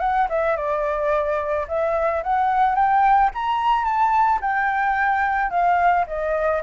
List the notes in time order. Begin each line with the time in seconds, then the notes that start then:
0.00 F#5
0.29 E5
0.57 D5
1.68 E5
2.23 F#5
2.75 G5
3.35 A#5
3.84 A5
4.41 G5
5.50 F5
6.07 D#5